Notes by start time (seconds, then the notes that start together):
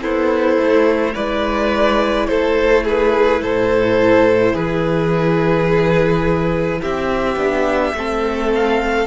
0.00 B3 E4 A4 C5
0.57 A3
1.14 G#3 E4 B4 D5
2.27 A3 A4 C5
2.84 G#4 B4
3.41 A2 A4 C5
4.52 E3 G#4 B4
6.81 C4 G4 E5
7.36 B3 D4
7.93 A3 C4 A4
8.54 F5